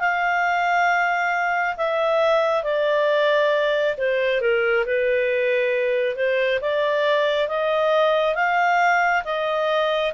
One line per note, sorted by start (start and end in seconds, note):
0.00 1.76 F5
1.77 2.64 E5
2.64 3.96 D5
3.97 4.41 C5
4.41 4.85 A#4
4.86 6.16 B4
6.16 6.60 C5
6.61 7.48 D5
7.48 8.35 D#5
8.35 9.24 F5
9.25 10.13 D#5